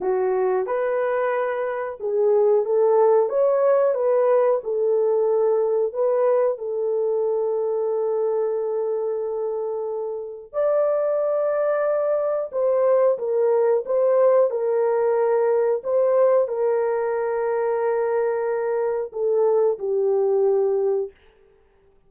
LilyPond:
\new Staff \with { instrumentName = "horn" } { \time 4/4 \tempo 4 = 91 fis'4 b'2 gis'4 | a'4 cis''4 b'4 a'4~ | a'4 b'4 a'2~ | a'1 |
d''2. c''4 | ais'4 c''4 ais'2 | c''4 ais'2.~ | ais'4 a'4 g'2 | }